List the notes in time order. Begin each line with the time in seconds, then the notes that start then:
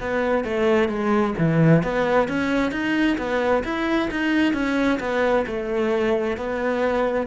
0.00 B3
0.44 A3
0.88 G#3
1.38 E3
1.83 B3
2.28 C#4
2.71 D#4
3.17 B3
3.63 E4
4.11 D#4
4.53 C#4
5.00 B3
5.47 A3
6.37 B3